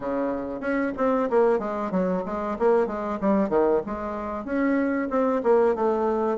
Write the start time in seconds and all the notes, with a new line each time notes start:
0.00 C#3
0.60 C#4
0.97 C4
1.30 A#3
1.59 G#3
1.91 F#3
2.25 G#3
2.58 A#3
2.86 G#3
3.21 G3
3.49 D#3
3.86 G#3
4.44 C#4
5.10 C4
5.43 A#3
5.74 A3